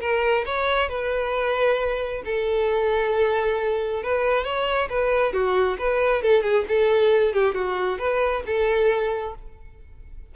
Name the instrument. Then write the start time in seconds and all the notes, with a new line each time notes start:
violin
0.00 A#4
0.45 C#5
0.89 B4
2.25 A4
4.03 B4
4.44 C#5
4.89 B4
5.33 F#4
5.78 B4
6.22 A4
6.43 G#4
6.68 A4
7.33 G4
7.54 F#4
7.99 B4
8.46 A4